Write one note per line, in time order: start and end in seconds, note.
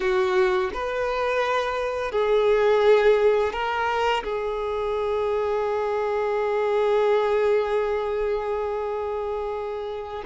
0.00 0.71 F#4
0.73 2.11 B4
2.11 3.52 G#4
3.52 4.23 A#4
4.23 10.23 G#4